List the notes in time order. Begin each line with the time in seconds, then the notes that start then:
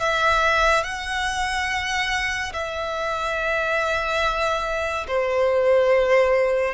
0.00 E5
0.84 F#5
2.54 E5
5.08 C5